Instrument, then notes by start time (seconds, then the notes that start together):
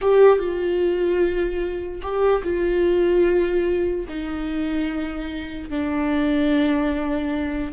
viola
0.01 G4
0.39 F4
2.02 G4
2.43 F4
4.08 D#4
5.69 D4